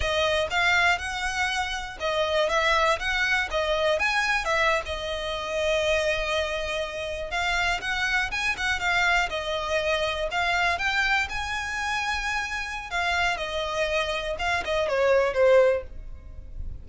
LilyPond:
\new Staff \with { instrumentName = "violin" } { \time 4/4 \tempo 4 = 121 dis''4 f''4 fis''2 | dis''4 e''4 fis''4 dis''4 | gis''4 e''8. dis''2~ dis''16~ | dis''2~ dis''8. f''4 fis''16~ |
fis''8. gis''8 fis''8 f''4 dis''4~ dis''16~ | dis''8. f''4 g''4 gis''4~ gis''16~ | gis''2 f''4 dis''4~ | dis''4 f''8 dis''8 cis''4 c''4 | }